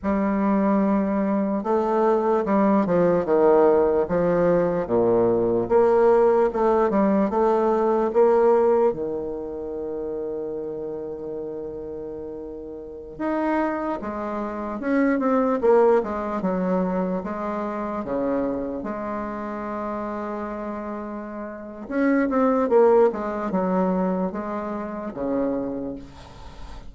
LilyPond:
\new Staff \with { instrumentName = "bassoon" } { \time 4/4 \tempo 4 = 74 g2 a4 g8 f8 | dis4 f4 ais,4 ais4 | a8 g8 a4 ais4 dis4~ | dis1~ |
dis16 dis'4 gis4 cis'8 c'8 ais8 gis16~ | gis16 fis4 gis4 cis4 gis8.~ | gis2. cis'8 c'8 | ais8 gis8 fis4 gis4 cis4 | }